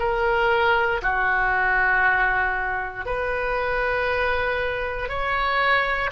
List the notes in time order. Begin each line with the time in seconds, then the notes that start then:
0.00 A#4
1.03 F#4
3.06 B4
5.09 C#5